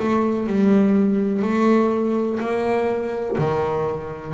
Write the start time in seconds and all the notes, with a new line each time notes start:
0.00 A3
0.48 G3
1.43 A3
2.40 A#3
3.39 D#3